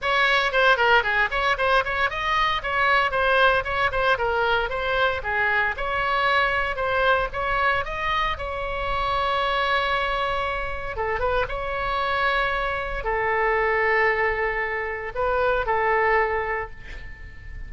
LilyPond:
\new Staff \with { instrumentName = "oboe" } { \time 4/4 \tempo 4 = 115 cis''4 c''8 ais'8 gis'8 cis''8 c''8 cis''8 | dis''4 cis''4 c''4 cis''8 c''8 | ais'4 c''4 gis'4 cis''4~ | cis''4 c''4 cis''4 dis''4 |
cis''1~ | cis''4 a'8 b'8 cis''2~ | cis''4 a'2.~ | a'4 b'4 a'2 | }